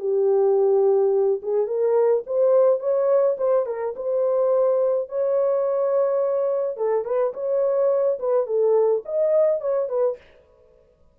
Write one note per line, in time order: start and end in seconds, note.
0.00 1.42 G4
1.43 1.67 G#4
1.67 2.24 A#4
2.27 2.80 C5
2.80 3.37 C#5
3.38 3.66 C5
3.66 3.95 A#4
3.96 5.09 C5
5.09 6.77 C#5
6.77 7.05 A4
7.05 7.34 B4
7.34 8.19 C#5
8.20 8.47 B4
8.47 9.03 A4
9.06 9.61 D#5
9.61 9.89 C#5
9.89 10.18 B4